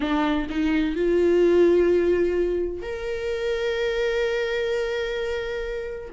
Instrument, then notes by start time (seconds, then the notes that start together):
viola
0.00 D4
0.49 D#4
0.95 F4
2.82 A#4